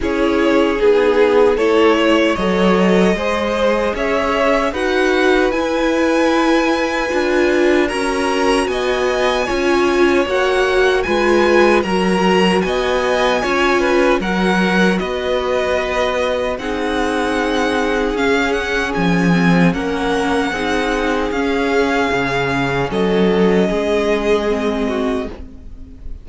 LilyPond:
<<
  \new Staff \with { instrumentName = "violin" } { \time 4/4 \tempo 4 = 76 cis''4 gis'4 cis''4 dis''4~ | dis''4 e''4 fis''4 gis''4~ | gis''2 ais''4 gis''4~ | gis''4 fis''4 gis''4 ais''4 |
gis''2 fis''4 dis''4~ | dis''4 fis''2 f''8 fis''8 | gis''4 fis''2 f''4~ | f''4 dis''2. | }
  \new Staff \with { instrumentName = "violin" } { \time 4/4 gis'2 a'8 cis''4. | c''4 cis''4 b'2~ | b'2 ais'4 dis''4 | cis''2 b'4 ais'4 |
dis''4 cis''8 b'8 ais'4 b'4~ | b'4 gis'2.~ | gis'4 ais'4 gis'2~ | gis'4 a'4 gis'4. fis'8 | }
  \new Staff \with { instrumentName = "viola" } { \time 4/4 e'4 dis'4 e'4 a'4 | gis'2 fis'4 e'4~ | e'4 f'4 fis'2 | f'4 fis'4 f'4 fis'4~ |
fis'4 f'4 fis'2~ | fis'4 dis'2 cis'4~ | cis'8 c'8 cis'4 dis'4 cis'4~ | cis'2. c'4 | }
  \new Staff \with { instrumentName = "cello" } { \time 4/4 cis'4 b4 a4 fis4 | gis4 cis'4 dis'4 e'4~ | e'4 d'4 cis'4 b4 | cis'4 ais4 gis4 fis4 |
b4 cis'4 fis4 b4~ | b4 c'2 cis'4 | f4 ais4 c'4 cis'4 | cis4 fis4 gis2 | }
>>